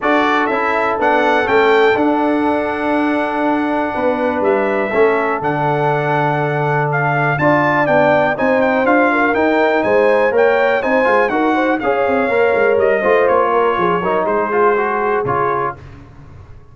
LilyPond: <<
  \new Staff \with { instrumentName = "trumpet" } { \time 4/4 \tempo 4 = 122 d''4 e''4 fis''4 g''4 | fis''1~ | fis''4 e''2 fis''4~ | fis''2 f''4 a''4 |
g''4 gis''8 g''8 f''4 g''4 | gis''4 g''4 gis''4 fis''4 | f''2 dis''4 cis''4~ | cis''4 c''2 cis''4 | }
  \new Staff \with { instrumentName = "horn" } { \time 4/4 a'1~ | a'1 | b'2 a'2~ | a'2. d''4~ |
d''4 c''4. ais'4. | c''4 cis''4 c''4 ais'8 c''8 | cis''2~ cis''8 c''4 ais'8 | gis'8 ais'8 gis'2. | }
  \new Staff \with { instrumentName = "trombone" } { \time 4/4 fis'4 e'4 d'4 cis'4 | d'1~ | d'2 cis'4 d'4~ | d'2. f'4 |
d'4 dis'4 f'4 dis'4~ | dis'4 ais'4 dis'8 f'8 fis'4 | gis'4 ais'4. f'4.~ | f'8 dis'4 f'8 fis'4 f'4 | }
  \new Staff \with { instrumentName = "tuba" } { \time 4/4 d'4 cis'4 b4 a4 | d'1 | b4 g4 a4 d4~ | d2. d'4 |
b4 c'4 d'4 dis'4 | gis4 ais4 c'8 gis8 dis'4 | cis'8 c'8 ais8 gis8 g8 a8 ais4 | f8 fis8 gis2 cis4 | }
>>